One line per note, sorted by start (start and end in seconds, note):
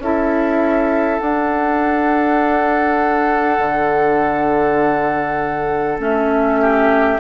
0.00 1.20 C#4
0.00 1.21 E4
0.00 6.61 A4
0.00 1.19 E5
1.19 5.99 D4
1.19 3.59 D4
1.19 5.99 F#5
3.59 5.99 D3
5.99 7.20 A3
5.99 7.19 C#4
5.99 7.21 E5
6.61 7.21 G4